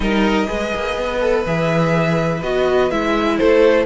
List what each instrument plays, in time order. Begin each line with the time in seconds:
0.00 cello G3, viola D#4, violin A#4 D#5
0.46 cello G#3, viola G#4, violin B4
0.74 cello A#3
0.96 cello B3
1.21 viola A4
1.45 cello E3, viola G#4, violin E5
2.42 cello B3, viola F#4, violin D#5
2.90 cello G#3, viola E4, violin E5
3.37 cello A3, violin A4 C5